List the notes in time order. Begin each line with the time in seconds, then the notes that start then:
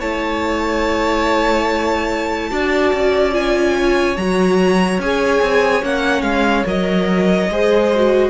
0.00 A3 E4 C#5 A5
2.51 D4 F#4 D5
2.93 C#4
3.32 F4 G#5
3.78 C#5
4.17 F#3 F#4 A#5
4.99 C#4 G#4 G#5
5.42 C4
5.82 A#3 C#4 F#5
6.22 G#3 F5
6.66 F#3 A#4 D#5
7.49 G#3 G#4 C5
7.96 F#4